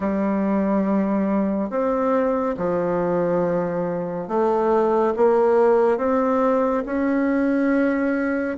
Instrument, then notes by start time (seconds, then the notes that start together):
bassoon
0.00 G3
1.69 C4
2.57 F3
4.27 A3
5.16 A#3
5.97 C4
6.85 C#4